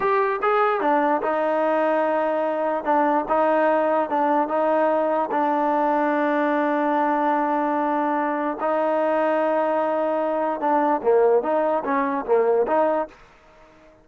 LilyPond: \new Staff \with { instrumentName = "trombone" } { \time 4/4 \tempo 4 = 147 g'4 gis'4 d'4 dis'4~ | dis'2. d'4 | dis'2 d'4 dis'4~ | dis'4 d'2.~ |
d'1~ | d'4 dis'2.~ | dis'2 d'4 ais4 | dis'4 cis'4 ais4 dis'4 | }